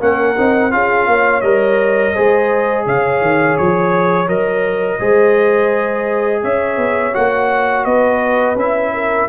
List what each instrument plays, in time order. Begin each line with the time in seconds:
0.00 tuba A#3, trombone C#4, horn A#4, trumpet F#5
0.36 tuba C4, trombone D#4
0.71 tuba C#4, trombone F4, horn G#4, trumpet F5
1.07 tuba A#3, horn C#5
1.41 tuba G3, trombone A#4, trumpet D#5
2.14 tuba G#3, trombone G#4, horn C5
2.86 tuba C#3, horn C#5, trumpet F5
3.21 tuba D#3
3.57 tuba F3, trumpet C#5
4.28 tuba F#3, trombone A#4, trumpet D#5
4.99 tuba G#3, trombone G#4, horn C5
6.42 tuba C#4, horn C#5, trumpet E5
6.77 tuba B3
7.13 tuba A#3, trombone F#4, trumpet F#5
7.85 tuba B3, horn B4, trumpet D#5
8.55 tuba C#4, trombone E4, trumpet E5
8.94 horn A#4